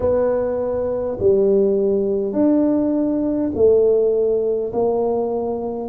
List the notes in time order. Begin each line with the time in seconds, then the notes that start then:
0.00 B3
1.19 G3
2.32 D4
3.55 A3
4.72 A#3